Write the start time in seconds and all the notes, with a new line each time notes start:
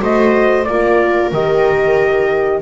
0.00 A3 F#4 C5 D#5
0.64 A#3 F4 A#4 D5
1.32 D#3 G4 D#5